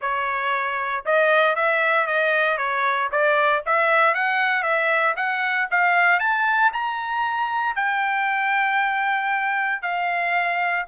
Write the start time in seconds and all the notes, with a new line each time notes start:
0.01 C#5
1.05 D#5
1.55 E5
2.06 D#5
2.57 C#5
3.11 D5
3.65 E5
4.14 F#5
4.62 E5
5.16 F#5
5.71 F5
6.19 A5
6.72 A#5
7.75 G5
9.82 F5